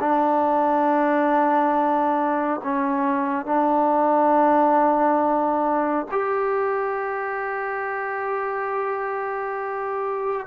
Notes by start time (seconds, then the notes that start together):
0.00 D4
2.64 C#4
3.45 D4
6.11 G4